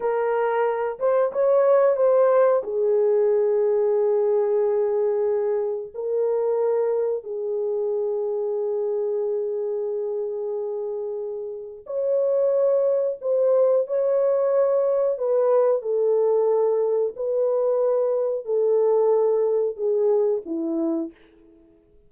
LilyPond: \new Staff \with { instrumentName = "horn" } { \time 4/4 \tempo 4 = 91 ais'4. c''8 cis''4 c''4 | gis'1~ | gis'4 ais'2 gis'4~ | gis'1~ |
gis'2 cis''2 | c''4 cis''2 b'4 | a'2 b'2 | a'2 gis'4 e'4 | }